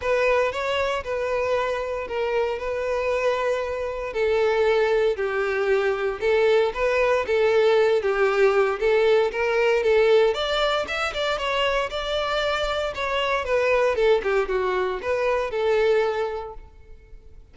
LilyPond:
\new Staff \with { instrumentName = "violin" } { \time 4/4 \tempo 4 = 116 b'4 cis''4 b'2 | ais'4 b'2. | a'2 g'2 | a'4 b'4 a'4. g'8~ |
g'4 a'4 ais'4 a'4 | d''4 e''8 d''8 cis''4 d''4~ | d''4 cis''4 b'4 a'8 g'8 | fis'4 b'4 a'2 | }